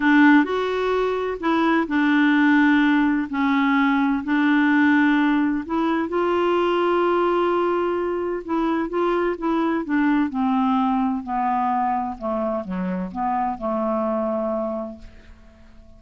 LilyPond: \new Staff \with { instrumentName = "clarinet" } { \time 4/4 \tempo 4 = 128 d'4 fis'2 e'4 | d'2. cis'4~ | cis'4 d'2. | e'4 f'2.~ |
f'2 e'4 f'4 | e'4 d'4 c'2 | b2 a4 fis4 | b4 a2. | }